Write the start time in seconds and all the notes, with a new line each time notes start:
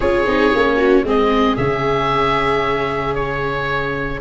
0.00 C#4 F4 G#4 C#5
0.26 C4 D#4
0.54 A#3 C#4
0.76 F#4
1.03 G#3 C4 G#4 D#5
1.56 C#3 C#4 E5
3.14 C#5